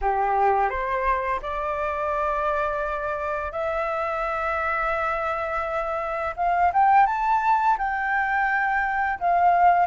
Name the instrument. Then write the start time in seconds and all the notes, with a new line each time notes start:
flute
0.01 G4
0.69 C5
1.42 D5
3.52 E5
6.36 F5
6.73 G5
7.06 A5
7.78 G5
9.19 F5